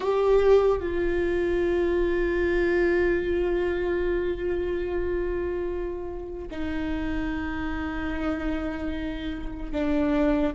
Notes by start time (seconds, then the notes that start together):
0.00 G4
0.80 F4
6.50 D#4
9.72 D4